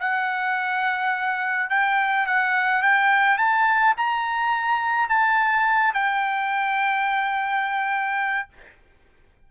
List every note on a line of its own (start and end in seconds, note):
0.00 1.70 F#5
1.70 2.26 G5
2.27 2.83 F#5
2.83 3.38 G5
3.38 3.95 A5
3.97 5.09 A#5
5.09 5.94 A5
5.94 8.49 G5